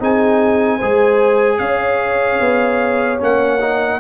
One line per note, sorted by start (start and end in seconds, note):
0.00 0.81 C4
0.00 0.80 D#4
0.00 0.77 G#4
0.00 1.59 G#5
0.77 1.60 G#3
0.77 3.19 G#4
0.77 1.57 C5
1.59 2.40 C#4
1.59 4.00 C#5
1.59 3.19 F5
2.40 3.20 B3
3.19 4.00 A#3
3.19 3.59 C#4
3.19 4.00 F#5
3.61 4.00 D#4